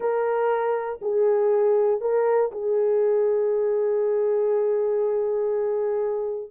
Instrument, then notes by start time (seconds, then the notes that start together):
horn
0.00 A#4
1.01 G#4
2.00 A#4
2.51 G#4